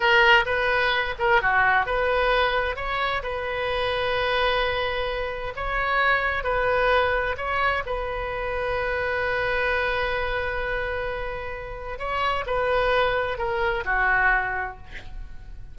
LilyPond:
\new Staff \with { instrumentName = "oboe" } { \time 4/4 \tempo 4 = 130 ais'4 b'4. ais'8 fis'4 | b'2 cis''4 b'4~ | b'1 | cis''2 b'2 |
cis''4 b'2.~ | b'1~ | b'2 cis''4 b'4~ | b'4 ais'4 fis'2 | }